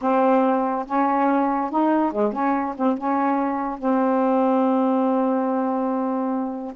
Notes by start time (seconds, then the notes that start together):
0.01 C4
0.86 C#4
1.71 D#4
2.12 G#3
2.32 C#4
2.76 C4
2.97 C#4
3.78 C4